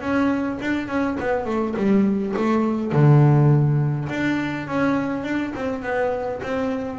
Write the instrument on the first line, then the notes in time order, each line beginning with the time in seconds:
double bass
0.00 C#4
0.61 D4
0.87 C#4
1.20 B3
1.45 A3
1.76 G3
2.36 A3
2.92 D3
4.09 D4
4.67 C#4
5.23 D4
5.55 C4
5.82 B3
6.43 C4